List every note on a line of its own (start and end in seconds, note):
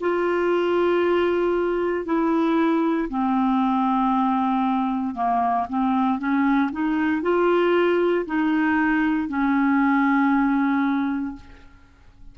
0.00 2.05 F4
2.05 3.08 E4
3.09 5.14 C4
5.14 5.66 A#3
5.69 6.19 C4
6.19 6.71 C#4
6.72 7.22 D#4
7.22 8.25 F4
8.26 9.28 D#4
9.28 11.35 C#4